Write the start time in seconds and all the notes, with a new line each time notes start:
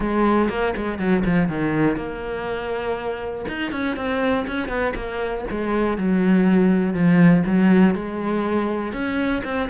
0.00 G#3
0.49 A#3
0.76 G#3
0.98 F#3
1.24 F3
1.48 D#3
1.96 A#3
3.48 D#4
3.71 C#4
3.96 C4
4.47 C#4
4.68 B3
4.95 A#3
5.50 G#3
5.97 F#3
6.93 F3
7.45 F#3
7.95 G#3
8.92 C#4
9.44 C4